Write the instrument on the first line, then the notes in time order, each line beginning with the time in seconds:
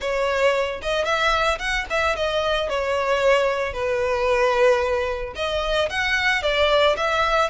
violin
0.00 C#5
0.82 D#5
1.04 E5
1.59 F#5
1.90 E5
2.16 D#5
2.69 C#5
3.73 B4
5.35 D#5
5.89 F#5
6.42 D5
6.96 E5